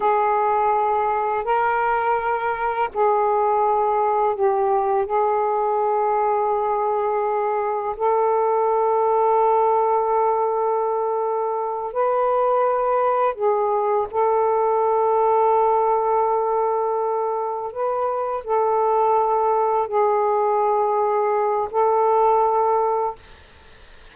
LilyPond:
\new Staff \with { instrumentName = "saxophone" } { \time 4/4 \tempo 4 = 83 gis'2 ais'2 | gis'2 g'4 gis'4~ | gis'2. a'4~ | a'1~ |
a'8 b'2 gis'4 a'8~ | a'1~ | a'8 b'4 a'2 gis'8~ | gis'2 a'2 | }